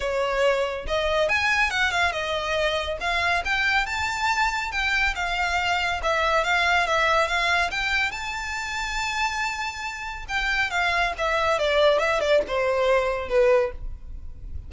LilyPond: \new Staff \with { instrumentName = "violin" } { \time 4/4 \tempo 4 = 140 cis''2 dis''4 gis''4 | fis''8 f''8 dis''2 f''4 | g''4 a''2 g''4 | f''2 e''4 f''4 |
e''4 f''4 g''4 a''4~ | a''1 | g''4 f''4 e''4 d''4 | e''8 d''8 c''2 b'4 | }